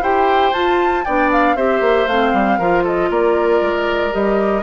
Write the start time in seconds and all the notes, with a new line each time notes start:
0.00 E4 G4 C5 G5
0.52 F4 A5
1.04 B3 D4 D5 G5
1.31 F5
1.56 C4 G4 C5 E5
1.80 A#3
2.07 A3 C4 F5
2.33 G3
2.58 F3 F4 A#4
2.83 A4 D#5
3.09 A#3 A#4 D5
3.61 G#3
4.11 G3 G4 D#5